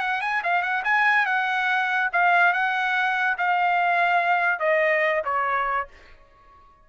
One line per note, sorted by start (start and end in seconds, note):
0.00 0.21 F#5
0.21 0.42 G#5
0.43 0.62 F5
0.62 0.83 F#5
0.84 1.26 G#5
1.26 2.10 F#5
2.13 2.53 F5
2.53 3.37 F#5
3.38 4.60 F5
4.60 5.23 D#5
5.25 5.88 C#5